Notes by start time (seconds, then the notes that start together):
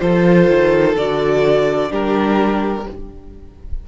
0.00 F3 F4 A4 C5
0.49 D#3
0.97 D3 F#4 D5
1.89 G3 D4 G4 A#4